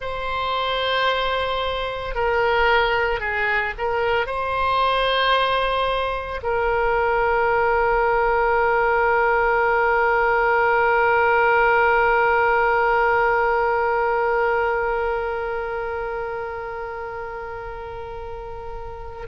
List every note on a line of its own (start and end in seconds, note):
0.00 2.14 C5
2.14 3.19 A#4
3.19 3.73 G#4
3.78 4.26 A#4
4.26 6.40 C5
6.42 19.27 A#4